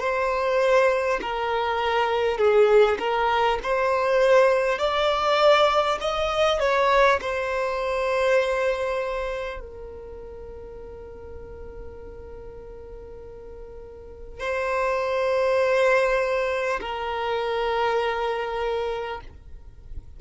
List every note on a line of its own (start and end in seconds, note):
0.00 1.20 C5
1.22 2.38 A#4
2.38 2.98 G#4
2.99 3.59 A#4
3.63 4.78 C5
4.78 5.98 D5
6.01 6.60 D#5
6.60 7.20 C#5
7.21 9.59 C5
9.59 14.39 A#4
14.40 16.80 C5
16.81 19.21 A#4